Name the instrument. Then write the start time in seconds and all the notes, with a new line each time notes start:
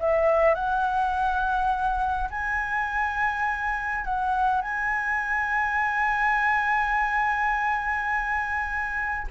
flute
0.00 E5
0.55 F#5
2.30 G#5
4.04 F#5
4.61 G#5